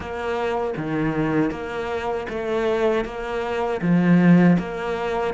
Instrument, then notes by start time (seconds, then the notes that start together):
cello
0.00 A#3
0.77 D#3
1.50 A#3
2.29 A3
3.04 A#3
3.81 F3
4.58 A#3